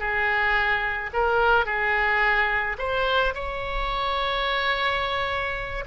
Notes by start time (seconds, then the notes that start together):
0.00 G#4
1.14 A#4
1.66 G#4
2.79 C5
3.35 C#5